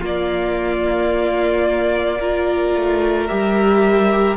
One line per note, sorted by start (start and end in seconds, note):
0.00 2.20 A#3
0.00 2.75 A#3
0.00 2.18 F4
0.00 3.27 D5
2.19 3.28 F4
2.19 4.37 A#4
2.75 3.29 A3
3.27 4.37 G3
3.27 4.37 G4
3.27 4.36 E5